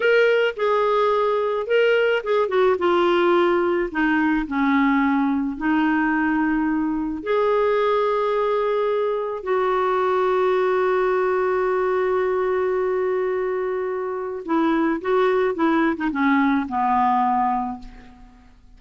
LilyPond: \new Staff \with { instrumentName = "clarinet" } { \time 4/4 \tempo 4 = 108 ais'4 gis'2 ais'4 | gis'8 fis'8 f'2 dis'4 | cis'2 dis'2~ | dis'4 gis'2.~ |
gis'4 fis'2.~ | fis'1~ | fis'2 e'4 fis'4 | e'8. dis'16 cis'4 b2 | }